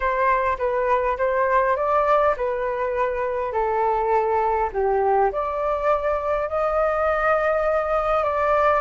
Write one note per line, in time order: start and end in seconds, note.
0.00 0.57 C5
0.58 1.17 B4
1.17 1.76 C5
1.76 2.35 D5
2.37 3.52 B4
3.52 4.70 A4
4.72 5.31 G4
5.32 6.49 D5
6.49 8.23 D#5
8.23 8.81 D5